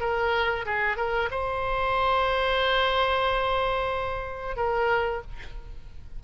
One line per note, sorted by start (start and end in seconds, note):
0.00 0.65 A#4
0.65 0.97 G#4
0.97 1.29 A#4
1.30 4.56 C5
4.56 5.21 A#4